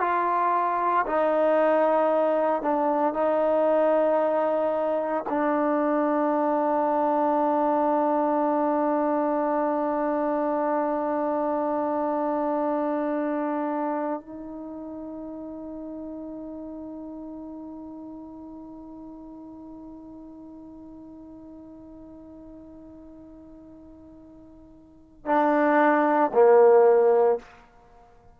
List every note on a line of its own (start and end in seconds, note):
0.00 1.05 F4
1.07 2.62 D#4
2.62 3.13 D4
3.13 5.24 D#4
5.29 14.21 D4
14.21 25.26 D#4
25.26 26.31 D4
26.33 27.39 A#3